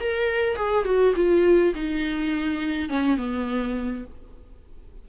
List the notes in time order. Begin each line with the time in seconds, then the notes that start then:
0.00 A#4
0.56 G#4
0.85 F#4
1.15 F4
1.75 D#4
2.89 C#4
3.17 B3